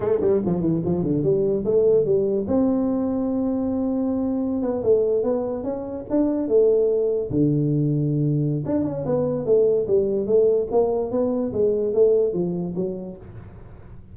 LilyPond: \new Staff \with { instrumentName = "tuba" } { \time 4/4 \tempo 4 = 146 a8 g8 f8 e8 f8 d8 g4 | a4 g4 c'2~ | c'2.~ c'16 b8 a16~ | a8. b4 cis'4 d'4 a16~ |
a4.~ a16 d2~ d16~ | d4 d'8 cis'8 b4 a4 | g4 a4 ais4 b4 | gis4 a4 f4 fis4 | }